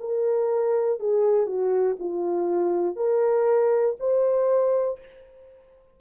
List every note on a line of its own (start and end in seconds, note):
0.00 0.99 A#4
0.99 1.46 G#4
1.46 1.96 F#4
1.99 2.95 F4
2.95 3.95 A#4
3.99 4.99 C5